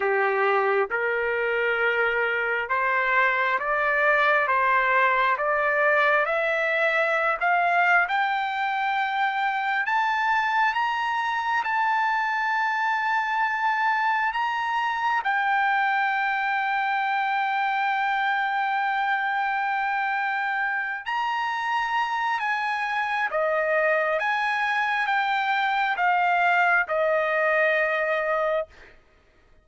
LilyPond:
\new Staff \with { instrumentName = "trumpet" } { \time 4/4 \tempo 4 = 67 g'4 ais'2 c''4 | d''4 c''4 d''4 e''4~ | e''16 f''8. g''2 a''4 | ais''4 a''2. |
ais''4 g''2.~ | g''2.~ g''8 ais''8~ | ais''4 gis''4 dis''4 gis''4 | g''4 f''4 dis''2 | }